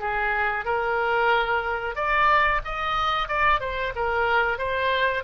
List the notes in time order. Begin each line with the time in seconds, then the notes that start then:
0.00 G#4
0.66 A#4
1.96 D5
2.65 D#5
3.29 D5
3.61 C5
3.96 A#4
4.59 C5